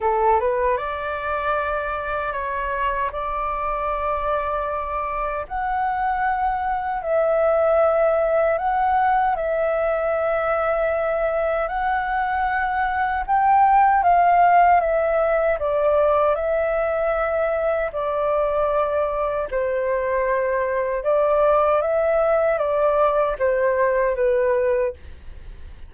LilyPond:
\new Staff \with { instrumentName = "flute" } { \time 4/4 \tempo 4 = 77 a'8 b'8 d''2 cis''4 | d''2. fis''4~ | fis''4 e''2 fis''4 | e''2. fis''4~ |
fis''4 g''4 f''4 e''4 | d''4 e''2 d''4~ | d''4 c''2 d''4 | e''4 d''4 c''4 b'4 | }